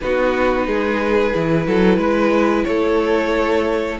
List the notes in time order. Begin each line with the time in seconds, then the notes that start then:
0.01 B3 D#4 F#4 B4
0.66 G#3 G#4
1.33 E3 E4
1.67 F#3 A4
1.97 G#3 B4
2.64 A3 A4 C#5